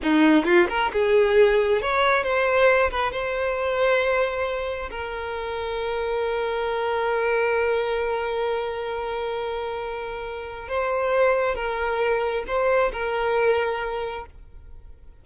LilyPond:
\new Staff \with { instrumentName = "violin" } { \time 4/4 \tempo 4 = 135 dis'4 f'8 ais'8 gis'2 | cis''4 c''4. b'8 c''4~ | c''2. ais'4~ | ais'1~ |
ais'1~ | ais'1 | c''2 ais'2 | c''4 ais'2. | }